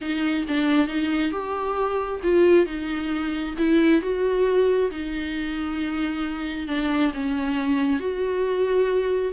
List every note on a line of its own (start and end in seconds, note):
0.01 0.45 D#4
0.48 0.87 D4
0.87 1.31 D#4
1.31 2.20 G4
2.23 2.66 F4
2.66 3.55 D#4
3.58 4.01 E4
4.01 4.90 F#4
4.91 6.67 D#4
6.67 7.12 D4
7.13 7.99 C#4
7.99 9.32 F#4